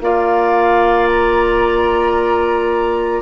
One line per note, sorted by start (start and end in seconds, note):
0.00 3.21 A#3
0.00 3.21 F4
0.00 3.21 D5
0.00 1.07 F5
1.07 3.21 A#5